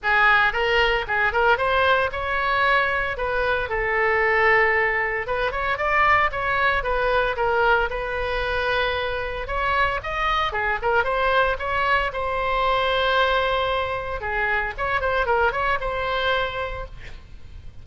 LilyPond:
\new Staff \with { instrumentName = "oboe" } { \time 4/4 \tempo 4 = 114 gis'4 ais'4 gis'8 ais'8 c''4 | cis''2 b'4 a'4~ | a'2 b'8 cis''8 d''4 | cis''4 b'4 ais'4 b'4~ |
b'2 cis''4 dis''4 | gis'8 ais'8 c''4 cis''4 c''4~ | c''2. gis'4 | cis''8 c''8 ais'8 cis''8 c''2 | }